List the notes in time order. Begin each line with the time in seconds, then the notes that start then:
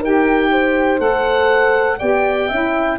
0.00 D#4 G4 A#4 G5
0.52 C5
0.99 A3 A4 F#5
1.99 B3 G4 D5 G5
2.49 C#4 E4 E5